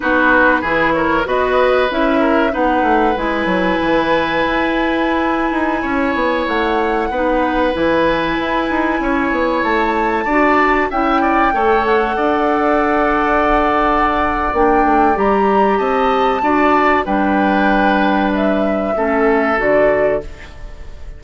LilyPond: <<
  \new Staff \with { instrumentName = "flute" } { \time 4/4 \tempo 4 = 95 b'4. cis''8 dis''4 e''4 | fis''4 gis''2.~ | gis''2~ gis''16 fis''4.~ fis''16~ | fis''16 gis''2. a''8.~ |
a''4~ a''16 g''4. fis''4~ fis''16~ | fis''2. g''4 | ais''4 a''2 g''4~ | g''4 e''2 d''4 | }
  \new Staff \with { instrumentName = "oboe" } { \time 4/4 fis'4 gis'8 ais'8 b'4. ais'8 | b'1~ | b'4~ b'16 cis''2 b'8.~ | b'2~ b'16 cis''4.~ cis''16~ |
cis''16 d''4 e''8 d''8 cis''4 d''8.~ | d''1~ | d''4 dis''4 d''4 b'4~ | b'2 a'2 | }
  \new Staff \with { instrumentName = "clarinet" } { \time 4/4 dis'4 e'4 fis'4 e'4 | dis'4 e'2.~ | e'2.~ e'16 dis'8.~ | dis'16 e'2.~ e'8.~ |
e'16 fis'4 e'4 a'4.~ a'16~ | a'2. d'4 | g'2 fis'4 d'4~ | d'2 cis'4 fis'4 | }
  \new Staff \with { instrumentName = "bassoon" } { \time 4/4 b4 e4 b4 cis'4 | b8 a8 gis8 fis8 e4 e'4~ | e'8. dis'8 cis'8 b8 a4 b8.~ | b16 e4 e'8 dis'8 cis'8 b8 a8.~ |
a16 d'4 cis'4 a4 d'8.~ | d'2. ais8 a8 | g4 c'4 d'4 g4~ | g2 a4 d4 | }
>>